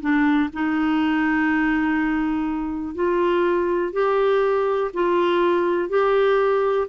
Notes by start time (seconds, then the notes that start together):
0.00 D4
0.53 D#4
2.94 F4
3.92 G4
4.93 F4
5.89 G4